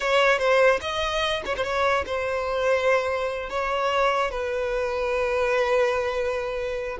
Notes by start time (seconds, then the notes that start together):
0.00 C#5
0.38 C5
0.81 D#5
1.45 C#5
1.57 C5
1.63 C#5
2.06 C5
3.49 C#5
4.30 B4